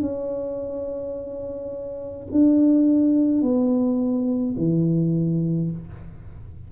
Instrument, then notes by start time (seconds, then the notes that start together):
tuba
0.00 C#4
2.31 D4
3.42 B3
4.57 E3